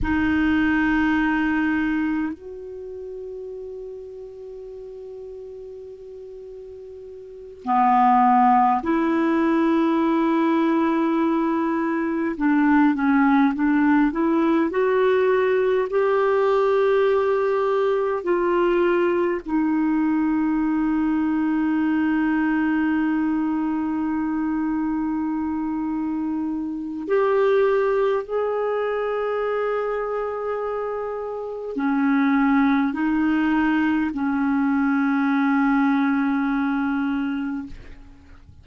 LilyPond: \new Staff \with { instrumentName = "clarinet" } { \time 4/4 \tempo 4 = 51 dis'2 fis'2~ | fis'2~ fis'8 b4 e'8~ | e'2~ e'8 d'8 cis'8 d'8 | e'8 fis'4 g'2 f'8~ |
f'8 dis'2.~ dis'8~ | dis'2. g'4 | gis'2. cis'4 | dis'4 cis'2. | }